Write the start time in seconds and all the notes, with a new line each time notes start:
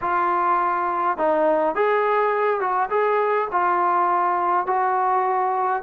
0.01 F4
1.17 D#4
1.75 G#4
2.60 F#4
2.89 G#4
3.51 F4
4.66 F#4